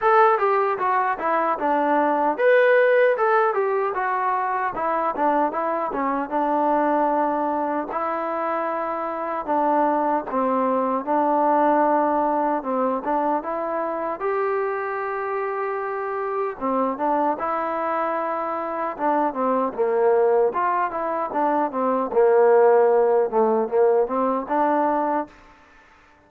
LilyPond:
\new Staff \with { instrumentName = "trombone" } { \time 4/4 \tempo 4 = 76 a'8 g'8 fis'8 e'8 d'4 b'4 | a'8 g'8 fis'4 e'8 d'8 e'8 cis'8 | d'2 e'2 | d'4 c'4 d'2 |
c'8 d'8 e'4 g'2~ | g'4 c'8 d'8 e'2 | d'8 c'8 ais4 f'8 e'8 d'8 c'8 | ais4. a8 ais8 c'8 d'4 | }